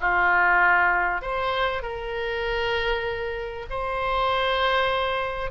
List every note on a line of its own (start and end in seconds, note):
0.00 1.21 F4
1.21 1.82 C5
1.82 3.66 A#4
3.70 5.50 C5